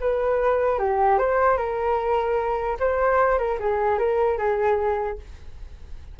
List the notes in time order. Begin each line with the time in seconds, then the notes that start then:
0.00 B4
0.79 G4
1.18 C5
1.57 A#4
2.79 C5
3.38 A#4
3.59 G#4
3.98 A#4
4.38 G#4